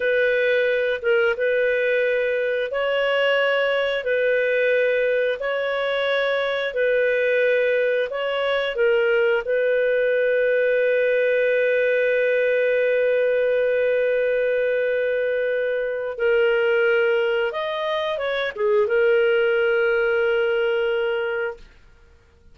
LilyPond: \new Staff \with { instrumentName = "clarinet" } { \time 4/4 \tempo 4 = 89 b'4. ais'8 b'2 | cis''2 b'2 | cis''2 b'2 | cis''4 ais'4 b'2~ |
b'1~ | b'1 | ais'2 dis''4 cis''8 gis'8 | ais'1 | }